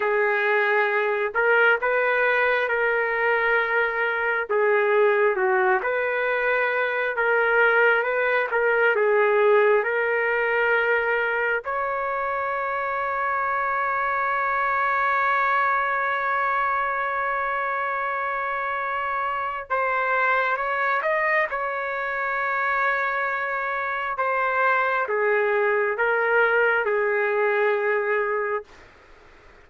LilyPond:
\new Staff \with { instrumentName = "trumpet" } { \time 4/4 \tempo 4 = 67 gis'4. ais'8 b'4 ais'4~ | ais'4 gis'4 fis'8 b'4. | ais'4 b'8 ais'8 gis'4 ais'4~ | ais'4 cis''2.~ |
cis''1~ | cis''2 c''4 cis''8 dis''8 | cis''2. c''4 | gis'4 ais'4 gis'2 | }